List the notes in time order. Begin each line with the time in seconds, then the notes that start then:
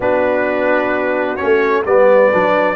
0.00 B3 D4 F#4 B4
1.36 A3 C#4 C#5
1.85 G3 B3 B4 D5
2.32 F#3 D4